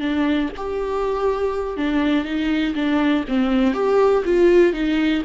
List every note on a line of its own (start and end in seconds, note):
0.00 0.50 D4
0.57 1.77 G4
1.77 2.25 D4
2.25 2.74 D#4
2.75 3.25 D4
3.28 3.74 C4
3.74 4.24 G4
4.25 4.73 F4
4.73 5.23 D#4